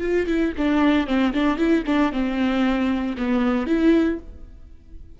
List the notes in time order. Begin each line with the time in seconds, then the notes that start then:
0.00 F4
0.26 E4
0.57 D4
1.06 C4
1.33 D4
1.57 E4
1.86 D4
2.12 C4
3.17 B3
3.66 E4